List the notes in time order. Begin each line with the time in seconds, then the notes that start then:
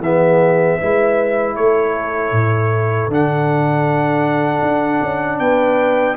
0.00 E3 B3 G#4 E5
0.80 G#3 E4 B4
1.56 A3 A4 C#5
2.32 A2
3.08 D3 D4 F#5
4.62 D4
5.02 C#4
5.40 B3 B4 G5